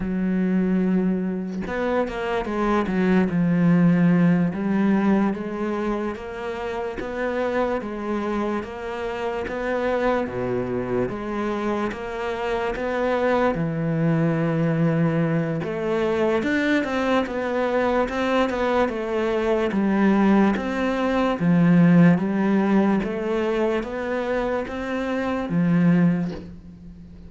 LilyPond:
\new Staff \with { instrumentName = "cello" } { \time 4/4 \tempo 4 = 73 fis2 b8 ais8 gis8 fis8 | f4. g4 gis4 ais8~ | ais8 b4 gis4 ais4 b8~ | b8 b,4 gis4 ais4 b8~ |
b8 e2~ e8 a4 | d'8 c'8 b4 c'8 b8 a4 | g4 c'4 f4 g4 | a4 b4 c'4 f4 | }